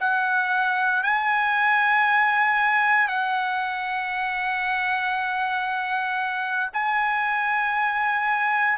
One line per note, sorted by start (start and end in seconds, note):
0.00 1.03 F#5
1.03 3.08 G#5
3.08 6.70 F#5
6.73 8.77 G#5